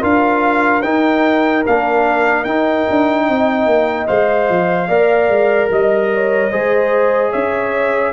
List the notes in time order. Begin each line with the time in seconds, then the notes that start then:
0.00 D4 F4 A#4 F5
0.82 D#4 G5
1.66 A#3 D4 F5
2.44 D#4 G5
2.90 D4
3.28 C4 D#5
3.66 A#3
4.07 G#3 C5 F5
4.49 F3
4.88 A#3 A#4 D5
5.29 G#3
5.70 G3 D#5
6.14 C#5
6.51 G#3 G#4 C5
7.31 C#4 C#5 E5